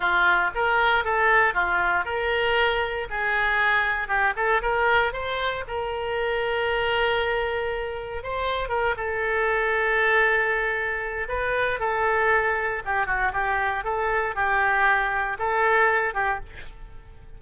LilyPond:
\new Staff \with { instrumentName = "oboe" } { \time 4/4 \tempo 4 = 117 f'4 ais'4 a'4 f'4 | ais'2 gis'2 | g'8 a'8 ais'4 c''4 ais'4~ | ais'1 |
c''4 ais'8 a'2~ a'8~ | a'2 b'4 a'4~ | a'4 g'8 fis'8 g'4 a'4 | g'2 a'4. g'8 | }